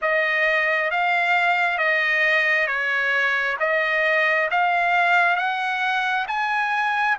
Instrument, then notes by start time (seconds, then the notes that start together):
trumpet
0.01 D#5
0.90 F5
1.77 D#5
2.67 C#5
3.59 D#5
4.50 F5
5.36 F#5
6.27 G#5